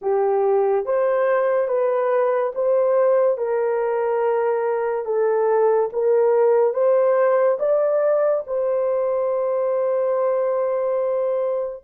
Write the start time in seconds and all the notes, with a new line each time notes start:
0.01 G4
0.85 C5
1.67 B4
2.54 C5
3.37 A#4
5.05 A4
5.92 A#4
6.73 C5
7.59 D5
8.47 C5